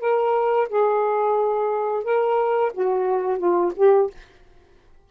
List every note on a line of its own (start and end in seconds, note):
0.00 0.68 A#4
0.69 2.04 G#4
2.04 2.72 A#4
2.73 3.38 F#4
3.38 3.72 F4
3.76 4.10 G4